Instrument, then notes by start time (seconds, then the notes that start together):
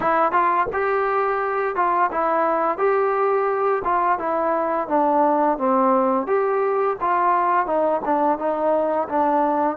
trombone
0.00 E4
0.32 F4
0.72 G4
1.75 F4
2.11 E4
2.77 G4
3.84 F4
4.18 E4
4.88 D4
5.58 C4
6.27 G4
7.00 F4
7.66 D#4
8.04 D4
8.38 D#4
9.09 D4